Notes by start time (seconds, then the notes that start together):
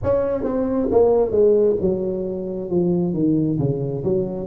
0.02 C#4
0.43 C4
0.91 A#3
1.31 G#3
1.80 F#3
2.69 F3
3.13 D#3
3.59 C#3
4.03 F#3